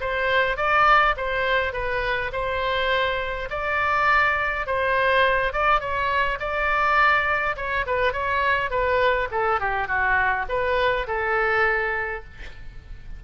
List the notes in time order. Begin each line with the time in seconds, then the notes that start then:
0.00 C5
0.57 D5
1.17 C5
1.73 B4
2.32 C5
3.50 D5
4.66 C5
5.53 D5
5.80 C#5
6.39 D5
7.56 C#5
7.86 B4
8.13 C#5
8.70 B4
9.31 A4
9.60 G4
9.87 F#4
10.49 B4
11.07 A4